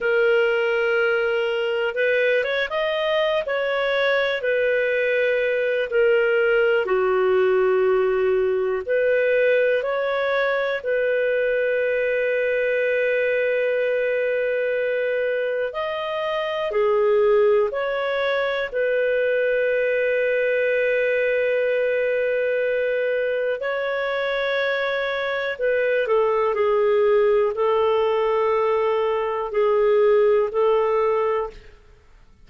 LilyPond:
\new Staff \with { instrumentName = "clarinet" } { \time 4/4 \tempo 4 = 61 ais'2 b'8 cis''16 dis''8. cis''8~ | cis''8 b'4. ais'4 fis'4~ | fis'4 b'4 cis''4 b'4~ | b'1 |
dis''4 gis'4 cis''4 b'4~ | b'1 | cis''2 b'8 a'8 gis'4 | a'2 gis'4 a'4 | }